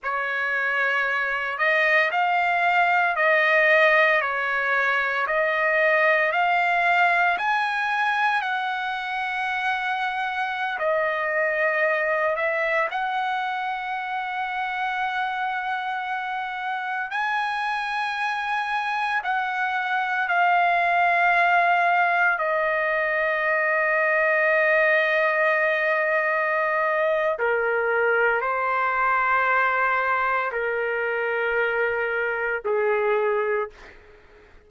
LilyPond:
\new Staff \with { instrumentName = "trumpet" } { \time 4/4 \tempo 4 = 57 cis''4. dis''8 f''4 dis''4 | cis''4 dis''4 f''4 gis''4 | fis''2~ fis''16 dis''4. e''16~ | e''16 fis''2.~ fis''8.~ |
fis''16 gis''2 fis''4 f''8.~ | f''4~ f''16 dis''2~ dis''8.~ | dis''2 ais'4 c''4~ | c''4 ais'2 gis'4 | }